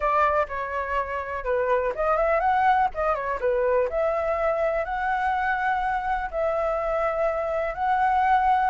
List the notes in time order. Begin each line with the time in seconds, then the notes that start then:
0.00 D5
0.48 C#5
1.44 B4
1.95 D#5
2.16 E5
2.40 F#5
2.94 D#5
3.15 C#5
3.40 B4
3.89 E5
4.85 F#5
6.30 E5
7.74 F#5